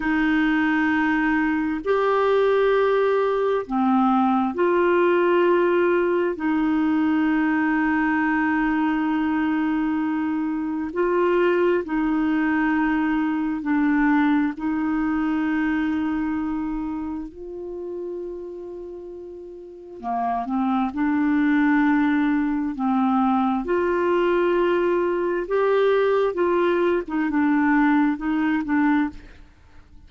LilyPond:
\new Staff \with { instrumentName = "clarinet" } { \time 4/4 \tempo 4 = 66 dis'2 g'2 | c'4 f'2 dis'4~ | dis'1 | f'4 dis'2 d'4 |
dis'2. f'4~ | f'2 ais8 c'8 d'4~ | d'4 c'4 f'2 | g'4 f'8. dis'16 d'4 dis'8 d'8 | }